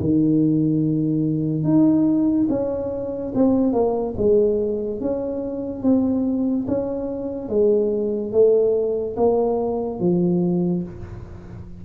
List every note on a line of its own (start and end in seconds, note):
0.00 1.64 D#3
1.64 2.47 D#4
2.49 3.33 C#4
3.34 3.73 C4
3.73 4.14 A#3
4.17 5.00 G#3
5.00 5.83 C#4
5.83 6.66 C4
6.68 7.48 C#4
7.48 8.32 G#3
8.32 9.16 A3
9.16 10.00 A#3
10.00 10.83 F3